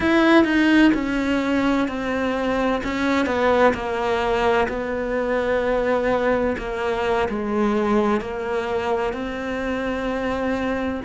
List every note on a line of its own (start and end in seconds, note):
0.00 0.44 E4
0.44 0.91 D#4
0.94 1.87 C#4
1.87 2.81 C4
2.83 3.26 C#4
3.26 3.73 B3
3.74 4.67 A#3
4.68 6.55 B3
6.58 7.28 A#3
7.29 8.20 G#3
8.20 9.13 A#3
9.13 11.00 C4